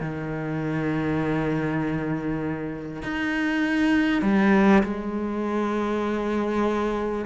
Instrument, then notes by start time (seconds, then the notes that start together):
cello
0.00 D#3
3.02 D#4
4.21 G3
4.83 G#3